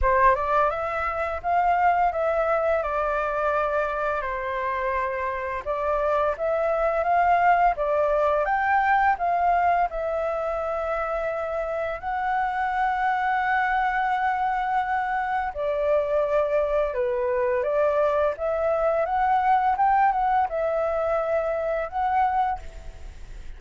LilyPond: \new Staff \with { instrumentName = "flute" } { \time 4/4 \tempo 4 = 85 c''8 d''8 e''4 f''4 e''4 | d''2 c''2 | d''4 e''4 f''4 d''4 | g''4 f''4 e''2~ |
e''4 fis''2.~ | fis''2 d''2 | b'4 d''4 e''4 fis''4 | g''8 fis''8 e''2 fis''4 | }